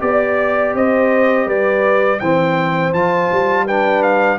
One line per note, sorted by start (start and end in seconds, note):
0.00 0.75 B3
0.00 2.20 G4
0.00 0.75 D5
0.00 0.76 D5
0.75 1.46 C4
0.75 1.47 C5
0.75 1.49 D#5
1.46 2.20 G3
1.46 2.20 B4
1.46 2.20 D5
2.20 2.94 E3
2.20 2.96 C4
2.20 3.66 C5
2.20 2.93 G5
2.94 3.30 F3
2.94 3.69 F4
2.94 3.67 A5
3.32 4.39 G3
3.66 4.39 D4
3.66 4.39 B4
3.66 4.03 G5
4.03 4.39 F5